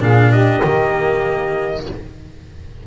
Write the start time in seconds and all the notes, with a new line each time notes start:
0.00 A#2 D4 G#4 F5
0.31 G4 D#5
0.64 D#3 A#3